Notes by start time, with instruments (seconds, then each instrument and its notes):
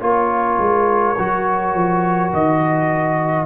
0.00 tuba A#3, trombone F4, horn A#4, trumpet C#5
0.58 tuba G#3
1.18 tuba F#3, trombone F#4
1.74 tuba F3
2.33 tuba D#3, trumpet D#5